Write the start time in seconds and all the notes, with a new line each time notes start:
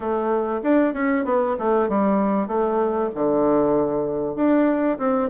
0.00 A3
0.62 D4
0.93 C#4
1.24 B3
1.59 A3
1.89 G3
2.47 A3
3.14 D3
4.35 D4
4.98 C4